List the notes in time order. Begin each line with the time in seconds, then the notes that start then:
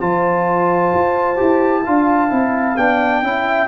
0.00 F3 F4 C5 A5
0.93 F4
1.36 E4 G4
1.83 D4 F4 F5
2.29 C4 E4
2.77 B3 D4 G5
3.22 C#4 E4 E5